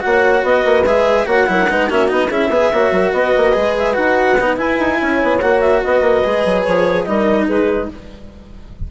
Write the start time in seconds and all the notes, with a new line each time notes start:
0.00 A#3 F#4 C#5 F#5
0.43 B3 B4 D#5
0.65 A#3
0.84 G#3 G#4 E5
1.26 A#3 F#4 C#5 F#5
1.46 F#3 E4 A#4
1.69 G#3 D#4 B4
1.88 A#3 C#4 F#4 E5
2.08 B3 D#4 D#5
2.27 C#4 E4 G#4 E5
2.49 B3 G#4 B4
2.72 A#3 F#4 C#5
2.91 F#3 A#4
3.12 B3 B4 D#5
3.37 A#3
3.52 G#3 G#4
3.78 E5
3.94 D#4 F#4 F#5
4.40 B3 D#4
4.56 E4 G#5
4.79 D#4
5.01 C#4 C#5
5.23 B3
5.40 A#3 F#4 F#5
5.60 E5
5.83 B3 B4 D#5
6.01 A#3
6.24 G#3 G#4
6.45 F#3
6.62 F3 C#5
7.04 G3 D#4 A#4 D#5
7.46 G#3 G#4 B4